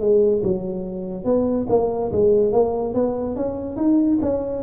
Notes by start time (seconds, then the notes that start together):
0.00 G#3
0.43 F#3
1.24 B3
1.69 A#3
2.12 G#3
2.52 A#3
2.94 B3
3.36 C#4
3.76 D#4
4.22 C#4